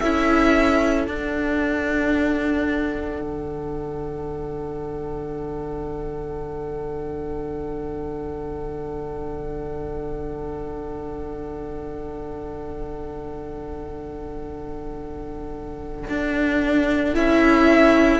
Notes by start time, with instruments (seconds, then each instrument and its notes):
0.00 cello C#4, viola E4, violin A4 E5
1.07 cello D4, viola D4, violin F#5
3.21 cello D3
16.09 cello D4
17.14 cello C#4, viola E4, violin E5